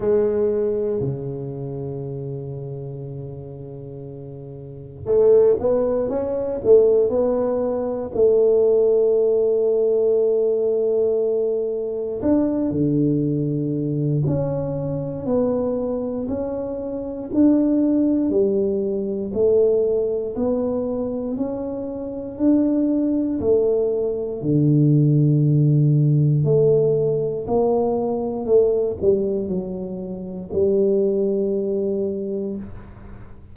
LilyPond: \new Staff \with { instrumentName = "tuba" } { \time 4/4 \tempo 4 = 59 gis4 cis2.~ | cis4 a8 b8 cis'8 a8 b4 | a1 | d'8 d4. cis'4 b4 |
cis'4 d'4 g4 a4 | b4 cis'4 d'4 a4 | d2 a4 ais4 | a8 g8 fis4 g2 | }